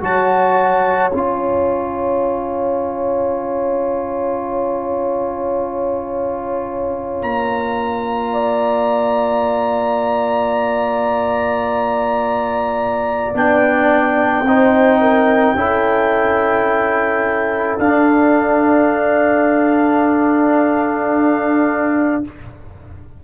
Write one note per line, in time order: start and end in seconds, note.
0.00 1.12 F#3
0.00 1.11 F#4
0.00 8.32 C#5
0.00 1.11 A5
1.11 7.22 C#4
1.11 13.34 F4
1.11 7.22 G#5
7.22 13.33 A#3
7.22 13.33 A#5
8.32 14.43 D5
13.34 14.41 B3
13.34 14.45 D4
13.34 17.79 G5
14.41 15.53 C4
14.41 15.01 C5
14.48 15.56 D#4
15.01 15.56 A#4
15.55 17.77 C#4
15.55 17.79 E4
15.55 22.24 A4
17.78 22.23 D4
17.78 22.24 D4
17.78 22.23 F5